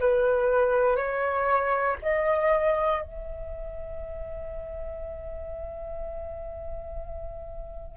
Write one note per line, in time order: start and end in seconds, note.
0.00 0.96 B4
0.96 1.96 C#5
2.02 3.02 D#5
3.02 7.97 E5